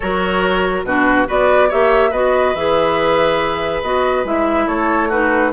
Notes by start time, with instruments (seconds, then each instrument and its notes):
0.00 bassoon F#3, clarinet F#4, oboe A#4, flute C#5
0.84 bassoon B2, clarinet D4, oboe F#4, flute B4
1.26 bassoon B3, clarinet F#4, oboe B4, flute D5
1.69 bassoon A#3, clarinet G4, oboe C#5, flute E5
2.10 bassoon B3, clarinet F#4, oboe B4, flute D#5
2.54 bassoon E3, clarinet G#4, flute E5
3.82 bassoon B3, clarinet F#4, flute D#5
4.24 bassoon G#3, clarinet E4, flute E5
4.67 bassoon A3, oboe A4, flute C#5
5.08 clarinet D#4, oboe F#4, flute B4